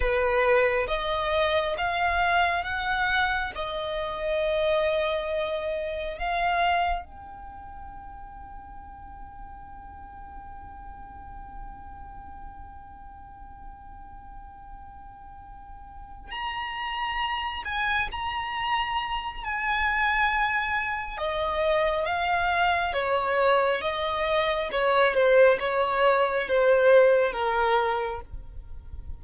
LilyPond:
\new Staff \with { instrumentName = "violin" } { \time 4/4 \tempo 4 = 68 b'4 dis''4 f''4 fis''4 | dis''2. f''4 | g''1~ | g''1~ |
g''2~ g''8 ais''4. | gis''8 ais''4. gis''2 | dis''4 f''4 cis''4 dis''4 | cis''8 c''8 cis''4 c''4 ais'4 | }